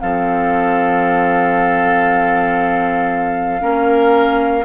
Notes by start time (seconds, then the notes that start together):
0.00 F3 C4 A4 F5
3.59 A#3 C#4 A#4